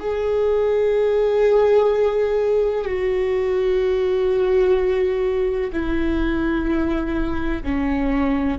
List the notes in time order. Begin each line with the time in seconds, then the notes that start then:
0.00 G#4
2.85 F#4
5.73 E4
7.63 C#4